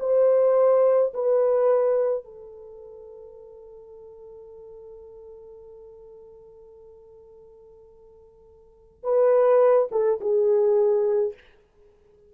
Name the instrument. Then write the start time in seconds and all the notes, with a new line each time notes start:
horn
0.00 C5
1.14 B4
2.24 A4
9.04 B4
9.92 A4
10.20 G#4